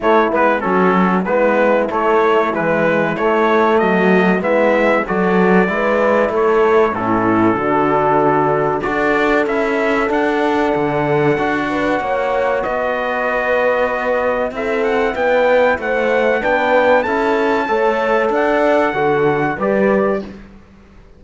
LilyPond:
<<
  \new Staff \with { instrumentName = "trumpet" } { \time 4/4 \tempo 4 = 95 cis''8 b'8 a'4 b'4 cis''4 | b'4 cis''4 dis''4 e''4 | d''2 cis''4 a'4~ | a'2 d''4 e''4 |
fis''1 | dis''2. e''8 fis''8 | g''4 fis''4 g''4 a''4~ | a''4 fis''2 d''4 | }
  \new Staff \with { instrumentName = "horn" } { \time 4/4 e'4 fis'4 e'2~ | e'2 fis'4 e'4 | a'4 b'4 a'4 e'4 | fis'2 a'2~ |
a'2~ a'8 b'8 cis''4 | b'2. a'4 | b'4 c''4 b'4 a'4 | cis''4 d''4 a'4 b'4 | }
  \new Staff \with { instrumentName = "trombone" } { \time 4/4 a8 b8 cis'4 b4 a4 | e4 a2 b4 | fis'4 e'2 cis'4 | d'2 fis'4 e'4 |
d'2 fis'2~ | fis'2. e'4~ | e'2 d'4 e'4 | a'2 fis'4 g'4 | }
  \new Staff \with { instrumentName = "cello" } { \time 4/4 a8 gis8 fis4 gis4 a4 | gis4 a4 fis4 gis4 | fis4 gis4 a4 a,4 | d2 d'4 cis'4 |
d'4 d4 d'4 ais4 | b2. c'4 | b4 a4 b4 cis'4 | a4 d'4 d4 g4 | }
>>